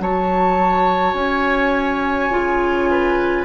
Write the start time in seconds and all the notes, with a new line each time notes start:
0.00 F#3 F#4 C#5 A5
1.14 C#4 G#5
2.31 C#3 F4
2.91 B4